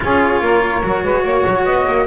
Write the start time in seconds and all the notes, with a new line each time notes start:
0.00 C#4 F4 G#4 C#5
0.41 A#3 A#4
0.83 F#3 F#4
1.03 G#3 B4
1.23 A#3 C#5
1.46 F#3
1.64 B3 D#5
1.87 A#3